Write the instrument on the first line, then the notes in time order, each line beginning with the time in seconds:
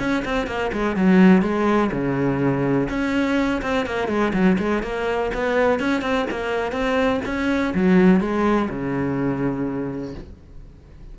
cello
0.00 C#4
0.25 C4
0.48 A#3
0.73 G#3
0.96 F#3
1.42 G#3
1.92 C#3
2.90 C#4
3.62 C4
3.86 A#3
4.08 G#3
4.34 F#3
4.59 G#3
4.83 A#3
5.34 B3
5.80 C#4
6.02 C4
6.31 A#3
6.73 C4
7.26 C#4
7.75 F#3
8.21 G#3
8.70 C#3